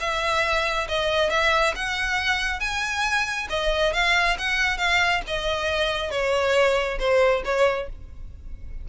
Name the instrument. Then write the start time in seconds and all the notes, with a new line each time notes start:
violin
0.00 E5
0.89 D#5
1.30 E5
1.76 F#5
2.60 G#5
3.50 D#5
3.93 F5
4.39 F#5
4.78 F5
5.27 D#5
6.11 C#5
6.99 C5
7.45 C#5